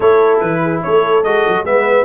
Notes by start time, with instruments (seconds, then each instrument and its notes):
0.00 tuba A3, trombone E4, horn A4, trumpet C#5
0.39 tuba E3, trumpet B4
0.61 horn G#4
0.82 tuba A3, horn A4, trumpet C#5
1.23 tuba G#3, trombone F#4, trumpet D#5
1.47 tuba F#3
1.63 tuba G#3, trombone B3, horn B4, trumpet E5